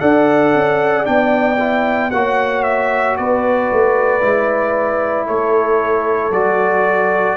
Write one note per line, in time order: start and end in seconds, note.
0.00 0.54 D4
0.00 1.04 A4
0.00 2.11 D5
0.00 1.05 F#5
0.54 1.07 C#4
1.04 2.13 B3
1.04 1.57 D4
1.04 2.11 G5
1.59 2.11 E4
2.11 3.18 A#3
2.11 4.21 F#4
2.11 3.19 C#5
2.11 2.63 F#5
2.63 3.16 E5
3.16 3.71 B3
3.16 5.26 B4
3.16 5.27 D5
3.72 4.23 A3
4.21 5.28 G#3
4.21 6.32 E4
5.26 6.31 A3
5.26 7.37 A4
5.26 6.32 C#5
6.31 7.36 F#3
6.31 7.37 F#4
6.31 7.37 D5